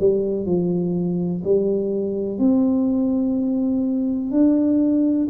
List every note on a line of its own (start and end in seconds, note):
0.00 0.46 G3
0.46 1.43 F3
1.44 2.39 G3
2.39 4.32 C4
4.32 5.28 D4